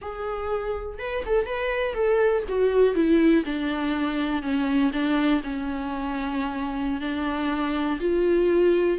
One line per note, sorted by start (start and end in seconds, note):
0.01 0.99 G#4
0.99 1.23 B4
1.26 1.46 A4
1.46 1.94 B4
1.94 2.43 A4
2.48 2.94 F#4
2.94 3.44 E4
3.45 4.42 D4
4.42 4.91 C#4
4.92 5.41 D4
5.43 7.00 C#4
7.00 7.99 D4
7.99 8.98 F4